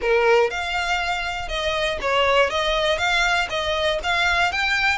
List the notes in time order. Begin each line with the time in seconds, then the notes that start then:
0.01 A#4
0.50 F5
1.48 D#5
2.01 C#5
2.50 D#5
2.98 F5
3.49 D#5
4.03 F5
4.52 G5